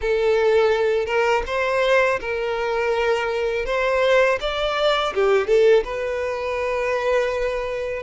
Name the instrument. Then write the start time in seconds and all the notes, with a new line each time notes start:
violin
0.01 A4
1.06 A#4
1.46 C5
2.20 A#4
3.65 C5
4.40 D5
5.14 G4
5.47 A4
5.84 B4